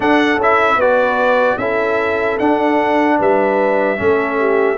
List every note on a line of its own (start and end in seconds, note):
0.00 0.37 D4
0.00 0.38 D4
0.00 0.78 A4
0.00 0.41 F#5
0.37 0.76 C#4
0.37 0.80 E4
0.37 0.80 E5
0.76 1.56 B3
0.76 1.60 F#4
0.76 1.59 B4
0.76 1.58 D5
1.58 2.38 C#4
1.58 2.40 E4
1.58 3.18 A4
1.58 2.38 E5
2.38 3.19 D4
2.38 3.97 D4
2.38 3.18 F#5
3.18 4.00 G3
3.18 3.98 B4
3.18 4.77 E5
3.97 4.77 A3
3.97 4.77 C#4
3.97 4.39 A4
4.39 4.77 G4